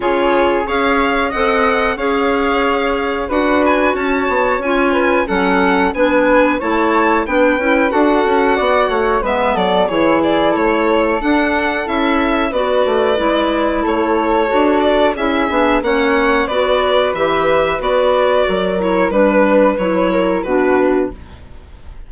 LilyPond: <<
  \new Staff \with { instrumentName = "violin" } { \time 4/4 \tempo 4 = 91 cis''4 f''4 fis''4 f''4~ | f''4 fis''8 gis''8 a''4 gis''4 | fis''4 gis''4 a''4 g''4 | fis''2 e''8 d''8 cis''8 d''8 |
cis''4 fis''4 e''4 d''4~ | d''4 cis''4. d''8 e''4 | fis''4 d''4 e''4 d''4~ | d''8 cis''8 b'4 cis''4 b'4 | }
  \new Staff \with { instrumentName = "flute" } { \time 4/4 gis'4 cis''4 dis''4 cis''4~ | cis''4 b'4 cis''4. b'8 | a'4 b'4 cis''4 b'4 | a'4 d''8 cis''8 b'8 a'8 gis'4 |
a'2. b'4~ | b'4 a'2 gis'4 | cis''4 b'2. | ais'4 b'4. ais'8 fis'4 | }
  \new Staff \with { instrumentName = "clarinet" } { \time 4/4 f'4 gis'4 a'4 gis'4~ | gis'4 fis'2 f'4 | cis'4 d'4 e'4 d'8 e'8 | fis'2 b4 e'4~ |
e'4 d'4 e'4 fis'4 | e'2 fis'4 e'8 d'8 | cis'4 fis'4 g'4 fis'4~ | fis'8 e'8 d'4 e'4 d'4 | }
  \new Staff \with { instrumentName = "bassoon" } { \time 4/4 cis4 cis'4 c'4 cis'4~ | cis'4 d'4 cis'8 b8 cis'4 | fis4 b4 a4 b8 cis'8 | d'8 cis'8 b8 a8 gis8 fis8 e4 |
a4 d'4 cis'4 b8 a8 | gis4 a4 d'4 cis'8 b8 | ais4 b4 e4 b4 | fis4 g4 fis4 b,4 | }
>>